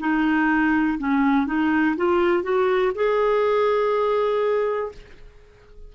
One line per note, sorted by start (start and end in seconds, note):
0.00 0.98 D#4
0.98 1.47 C#4
1.47 1.96 D#4
1.96 2.43 F4
2.43 2.92 F#4
2.95 4.92 G#4